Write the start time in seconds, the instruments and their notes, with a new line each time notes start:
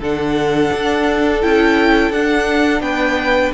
0.00 cello D3, viola D4, violin A4 F#5
0.73 cello D4
1.42 cello C#4, viola E4, violin G5
2.11 cello D4, viola D4, violin F#5
2.80 cello B3, violin B4 G5